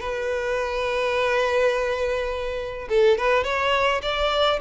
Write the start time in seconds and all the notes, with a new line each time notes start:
0.00 B4
2.89 A4
3.18 B4
3.44 C#5
4.02 D5